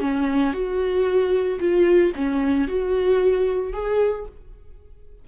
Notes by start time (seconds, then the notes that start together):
0.00 C#4
0.53 F#4
1.60 F4
2.15 C#4
2.67 F#4
3.73 G#4